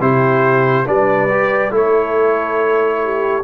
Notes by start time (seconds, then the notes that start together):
0.00 C3 E4 G4 C5
0.86 G3 D4 B4 D5
1.29 G4
1.71 A3 E4 A4 C#5
3.04 G4